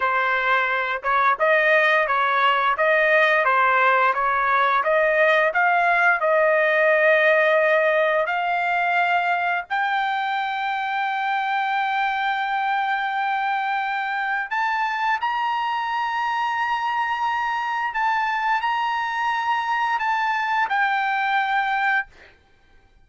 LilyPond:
\new Staff \with { instrumentName = "trumpet" } { \time 4/4 \tempo 4 = 87 c''4. cis''8 dis''4 cis''4 | dis''4 c''4 cis''4 dis''4 | f''4 dis''2. | f''2 g''2~ |
g''1~ | g''4 a''4 ais''2~ | ais''2 a''4 ais''4~ | ais''4 a''4 g''2 | }